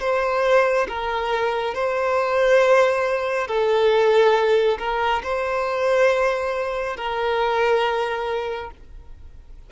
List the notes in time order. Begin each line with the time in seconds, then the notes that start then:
0.00 C5
0.88 A#4
1.74 C5
3.47 A4
4.79 A#4
5.23 C5
6.96 A#4